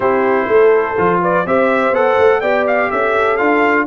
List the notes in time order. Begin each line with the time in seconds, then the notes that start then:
0.00 C4 E4 G4 C5
0.47 A3 A4
0.97 F3 F4
1.21 B4 D5
1.45 C4 G4 C5 E5
1.91 B3 A4 F#5
2.18 A3
2.40 B3 G4 D5 G5
2.67 F5
2.90 C#4 A4 E5
3.37 D4 F4 F5